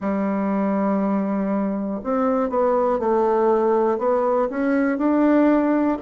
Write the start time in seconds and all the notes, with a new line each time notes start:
0.00 G3
2.03 C4
2.50 B3
2.99 A3
3.98 B3
4.50 C#4
4.97 D4